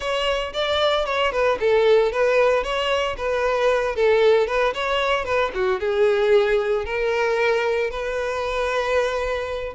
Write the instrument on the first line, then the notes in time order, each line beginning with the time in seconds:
violin
0.00 C#5
0.53 D5
1.05 C#5
1.32 B4
1.60 A4
2.12 B4
2.63 C#5
3.17 B4
3.95 A4
4.47 B4
4.74 C#5
5.25 B4
5.54 F#4
5.80 G#4
6.85 A#4
7.90 B4